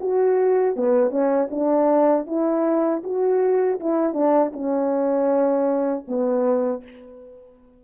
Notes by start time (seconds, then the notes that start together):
0.00 F#4
0.76 B3
1.10 C#4
1.50 D4
2.26 E4
3.03 F#4
3.80 E4
4.13 D4
4.53 C#4
6.08 B3